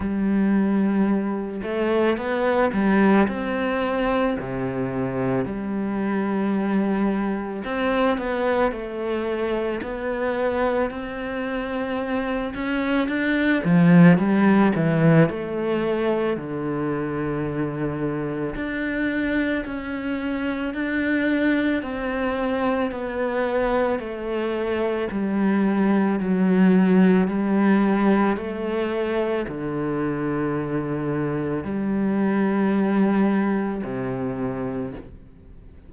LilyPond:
\new Staff \with { instrumentName = "cello" } { \time 4/4 \tempo 4 = 55 g4. a8 b8 g8 c'4 | c4 g2 c'8 b8 | a4 b4 c'4. cis'8 | d'8 f8 g8 e8 a4 d4~ |
d4 d'4 cis'4 d'4 | c'4 b4 a4 g4 | fis4 g4 a4 d4~ | d4 g2 c4 | }